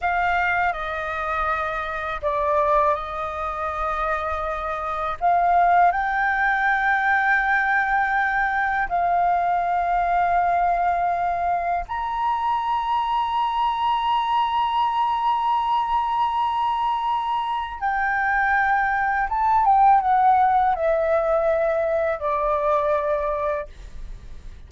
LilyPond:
\new Staff \with { instrumentName = "flute" } { \time 4/4 \tempo 4 = 81 f''4 dis''2 d''4 | dis''2. f''4 | g''1 | f''1 |
ais''1~ | ais''1 | g''2 a''8 g''8 fis''4 | e''2 d''2 | }